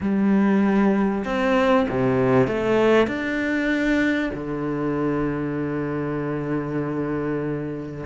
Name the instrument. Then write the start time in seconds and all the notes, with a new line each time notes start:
cello
0.00 G3
1.24 C4
1.89 C3
2.47 A3
3.07 D4
4.34 D3